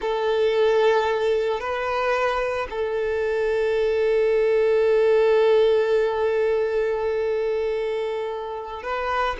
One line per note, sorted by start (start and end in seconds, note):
0.01 1.60 A4
1.60 2.67 B4
2.70 8.82 A4
8.82 9.36 B4